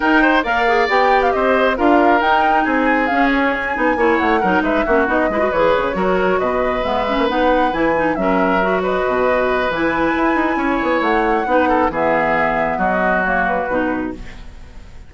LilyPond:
<<
  \new Staff \with { instrumentName = "flute" } { \time 4/4 \tempo 4 = 136 g''4 f''4 g''8. f''16 dis''4 | f''4 g''4 gis''4 f''8 cis''8 | gis''4. fis''4 e''4 dis''8~ | dis''8 cis''2 dis''4 e''8~ |
e''8 fis''4 gis''4 e''4. | dis''2 gis''2~ | gis''4 fis''2 e''4~ | e''4 dis''4 cis''8 b'4. | }
  \new Staff \with { instrumentName = "oboe" } { \time 4/4 ais'8 c''8 d''2 c''4 | ais'2 gis'2~ | gis'4 cis''4 ais'8 b'8 fis'4 | b'4. ais'4 b'4.~ |
b'2~ b'8 ais'4. | b'1 | cis''2 b'8 a'8 gis'4~ | gis'4 fis'2. | }
  \new Staff \with { instrumentName = "clarinet" } { \time 4/4 dis'4 ais'8 gis'8 g'2 | f'4 dis'2 cis'4~ | cis'8 dis'8 e'4 dis'4 cis'8 dis'8 | e'16 fis'16 gis'4 fis'2 b8 |
cis'8 dis'4 e'8 dis'8 cis'4 fis'8~ | fis'2 e'2~ | e'2 dis'4 b4~ | b2 ais4 dis'4 | }
  \new Staff \with { instrumentName = "bassoon" } { \time 4/4 dis'4 ais4 b4 c'4 | d'4 dis'4 c'4 cis'4~ | cis'8 b8 ais8 a8 fis8 gis8 ais8 b8 | gis8 e8 cis8 fis4 b,4 gis8~ |
gis16 ais16 b4 e4 fis4.~ | fis8 b,4. e4 e'8 dis'8 | cis'8 b8 a4 b4 e4~ | e4 fis2 b,4 | }
>>